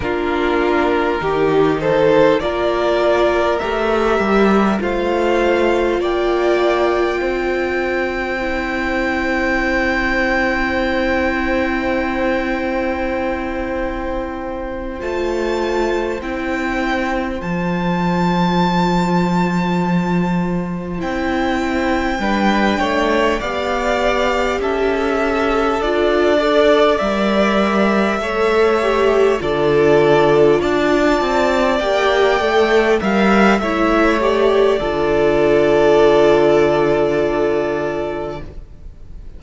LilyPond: <<
  \new Staff \with { instrumentName = "violin" } { \time 4/4 \tempo 4 = 50 ais'4. c''8 d''4 e''4 | f''4 g''2.~ | g''1~ | g''8 a''4 g''4 a''4.~ |
a''4. g''2 f''8~ | f''8 e''4 d''4 e''4.~ | e''8 d''4 a''4 g''4 f''8 | e''8 d''2.~ d''8 | }
  \new Staff \with { instrumentName = "violin" } { \time 4/4 f'4 g'8 a'8 ais'2 | c''4 d''4 c''2~ | c''1~ | c''1~ |
c''2~ c''8 b'8 cis''8 d''8~ | d''8 a'4. d''4. cis''8~ | cis''8 a'4 d''2 e''8 | cis''4 a'2. | }
  \new Staff \with { instrumentName = "viola" } { \time 4/4 d'4 dis'4 f'4 g'4 | f'2. e'4~ | e'1~ | e'8 f'4 e'4 f'4.~ |
f'4. e'4 d'4 g'8~ | g'4. f'8 a'8 ais'4 a'8 | g'8 f'2 g'8 a'8 ais'8 | e'8 g'8 f'2. | }
  \new Staff \with { instrumentName = "cello" } { \time 4/4 ais4 dis4 ais4 a8 g8 | a4 ais4 c'2~ | c'1~ | c'8 a4 c'4 f4.~ |
f4. c'4 g8 a8 b8~ | b8 cis'4 d'4 g4 a8~ | a8 d4 d'8 c'8 ais8 a8 g8 | a4 d2. | }
>>